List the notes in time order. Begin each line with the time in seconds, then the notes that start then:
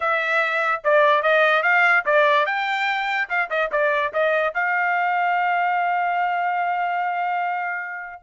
0.00 E5
0.83 D5
1.22 D#5
1.63 F5
2.05 D5
2.46 G5
3.29 F5
3.50 D#5
3.71 D5
4.13 D#5
4.54 F5